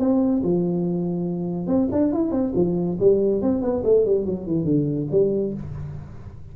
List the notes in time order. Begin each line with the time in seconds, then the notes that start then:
0.00 C4
0.43 F3
1.67 C4
1.92 D4
2.13 E4
2.32 C4
2.55 F3
3.00 G3
3.42 C4
3.62 B3
3.84 A3
4.06 G3
4.26 F#3
4.47 E3
4.65 D3
5.11 G3